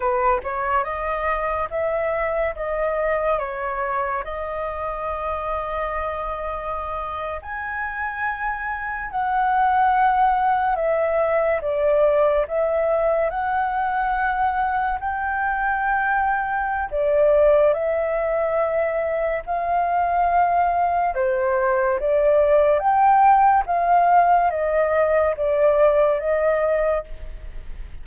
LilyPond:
\new Staff \with { instrumentName = "flute" } { \time 4/4 \tempo 4 = 71 b'8 cis''8 dis''4 e''4 dis''4 | cis''4 dis''2.~ | dis''8. gis''2 fis''4~ fis''16~ | fis''8. e''4 d''4 e''4 fis''16~ |
fis''4.~ fis''16 g''2~ g''16 | d''4 e''2 f''4~ | f''4 c''4 d''4 g''4 | f''4 dis''4 d''4 dis''4 | }